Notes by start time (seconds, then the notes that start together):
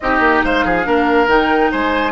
0.00 C4 D#4 G4 D#5
0.19 A#3
0.44 G#3 C5 F5
0.64 F3 G#4
0.84 A#3 D4 A#4
1.27 D#3 D#4 G5
1.71 G#3 C5 G#5